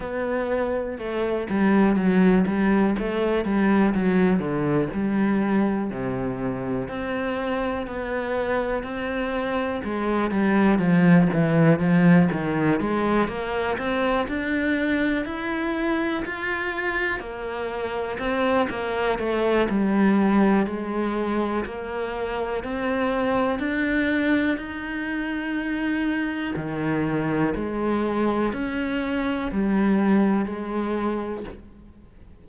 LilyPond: \new Staff \with { instrumentName = "cello" } { \time 4/4 \tempo 4 = 61 b4 a8 g8 fis8 g8 a8 g8 | fis8 d8 g4 c4 c'4 | b4 c'4 gis8 g8 f8 e8 | f8 dis8 gis8 ais8 c'8 d'4 e'8~ |
e'8 f'4 ais4 c'8 ais8 a8 | g4 gis4 ais4 c'4 | d'4 dis'2 dis4 | gis4 cis'4 g4 gis4 | }